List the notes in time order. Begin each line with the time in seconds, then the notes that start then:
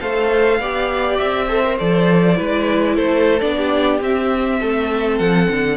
0.00 A3 A4 C5 F5
0.59 B3 G4 D5
1.18 C4 E5
1.49 A4 C5
1.64 A#4
1.78 F3 A4 D5
2.35 G#3 E4 B4
2.96 A3 A4 C5
3.40 B3 D4 D5
3.57 G4
4.00 C4 E5
4.60 A3 A4
5.18 F3 F#5
5.50 D3